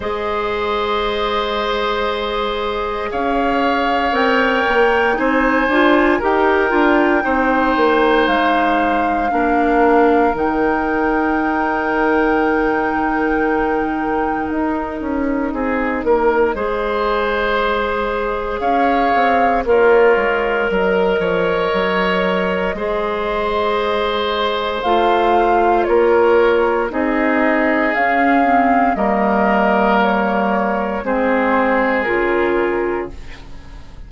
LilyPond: <<
  \new Staff \with { instrumentName = "flute" } { \time 4/4 \tempo 4 = 58 dis''2. f''4 | g''4 gis''4 g''2 | f''2 g''2~ | g''2 dis''2~ |
dis''2 f''4 cis''4 | dis''1 | f''4 cis''4 dis''4 f''4 | dis''4 cis''4 c''4 ais'4 | }
  \new Staff \with { instrumentName = "oboe" } { \time 4/4 c''2. cis''4~ | cis''4 c''4 ais'4 c''4~ | c''4 ais'2.~ | ais'2. gis'8 ais'8 |
c''2 cis''4 f'4 | ais'8 cis''4. c''2~ | c''4 ais'4 gis'2 | ais'2 gis'2 | }
  \new Staff \with { instrumentName = "clarinet" } { \time 4/4 gis'1 | ais'4 dis'8 f'8 g'8 f'8 dis'4~ | dis'4 d'4 dis'2~ | dis'1 |
gis'2. ais'4~ | ais'2 gis'2 | f'2 dis'4 cis'8 c'8 | ais2 c'4 f'4 | }
  \new Staff \with { instrumentName = "bassoon" } { \time 4/4 gis2. cis'4 | c'8 ais8 c'8 d'8 dis'8 d'8 c'8 ais8 | gis4 ais4 dis2~ | dis2 dis'8 cis'8 c'8 ais8 |
gis2 cis'8 c'8 ais8 gis8 | fis8 f8 fis4 gis2 | a4 ais4 c'4 cis'4 | g2 gis4 cis4 | }
>>